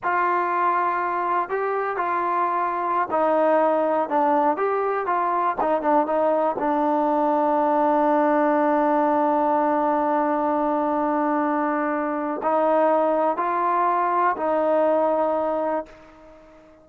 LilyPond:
\new Staff \with { instrumentName = "trombone" } { \time 4/4 \tempo 4 = 121 f'2. g'4 | f'2~ f'16 dis'4.~ dis'16~ | dis'16 d'4 g'4 f'4 dis'8 d'16~ | d'16 dis'4 d'2~ d'8.~ |
d'1~ | d'1~ | d'4 dis'2 f'4~ | f'4 dis'2. | }